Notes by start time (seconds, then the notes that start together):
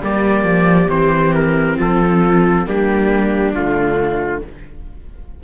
0.00 G3 A#3 G4 D5
0.44 F3
0.88 E3 C4 C5
1.34 A#4
1.76 F3 F4 A4
2.66 G3 A#3 D4 G4
3.53 D3 A3 F4